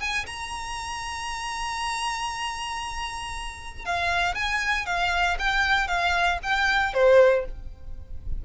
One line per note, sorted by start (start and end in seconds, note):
0.00 0.26 G#5
0.26 3.85 A#5
3.85 4.35 F5
4.35 4.86 G#5
4.86 5.37 F5
5.39 5.88 G5
5.88 6.39 F5
6.43 6.94 G5
6.94 7.45 C5